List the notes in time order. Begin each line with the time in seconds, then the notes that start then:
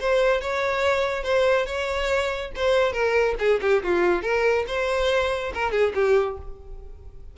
0.00 C5
0.41 C#5
1.23 C5
1.66 C#5
2.56 C5
2.92 A#4
3.39 G#4
3.61 G4
3.83 F4
4.22 A#4
4.67 C5
5.54 A#4
5.71 G#4
5.94 G4